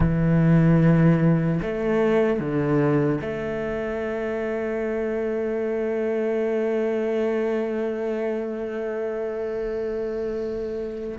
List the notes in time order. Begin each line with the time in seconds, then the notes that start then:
0.00 E3
1.62 A3
2.39 D3
3.21 A3